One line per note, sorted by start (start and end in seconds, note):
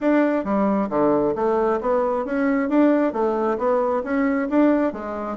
0.00 0.44 D4
0.44 0.89 G3
0.89 1.34 D3
1.35 1.80 A3
1.80 2.25 B3
2.25 2.69 C#4
2.69 3.12 D4
3.12 3.57 A3
3.58 4.03 B3
4.03 4.48 C#4
4.49 4.92 D4
4.92 5.37 G#3